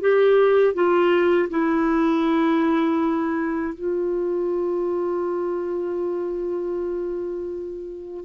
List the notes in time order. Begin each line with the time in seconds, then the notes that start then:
0.00 G4
0.73 F4
1.49 E4
3.74 F4